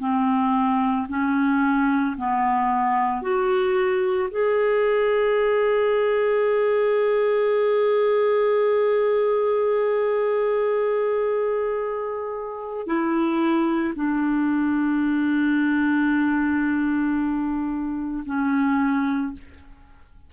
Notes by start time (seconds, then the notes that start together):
0.00 C4
1.09 C#4
2.17 B3
3.22 F#4
4.31 G#4
12.87 E4
13.95 D4
18.26 C#4